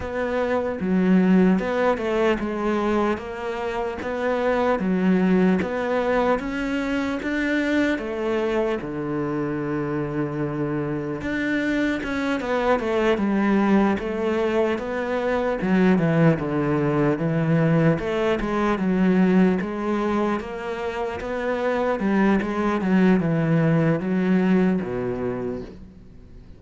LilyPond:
\new Staff \with { instrumentName = "cello" } { \time 4/4 \tempo 4 = 75 b4 fis4 b8 a8 gis4 | ais4 b4 fis4 b4 | cis'4 d'4 a4 d4~ | d2 d'4 cis'8 b8 |
a8 g4 a4 b4 fis8 | e8 d4 e4 a8 gis8 fis8~ | fis8 gis4 ais4 b4 g8 | gis8 fis8 e4 fis4 b,4 | }